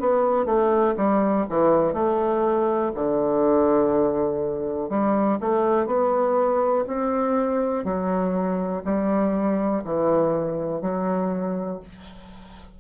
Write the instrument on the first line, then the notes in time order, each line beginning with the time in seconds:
bassoon
0.00 B3
0.45 A3
0.97 G3
1.49 E3
1.93 A3
2.95 D3
4.90 G3
5.40 A3
5.86 B3
6.87 C4
7.84 F#3
8.85 G3
9.84 E3
10.82 F#3